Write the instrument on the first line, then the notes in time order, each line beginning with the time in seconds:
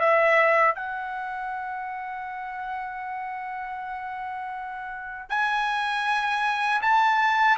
trumpet
0.00 E5
0.75 F#5
5.30 G#5
6.81 A5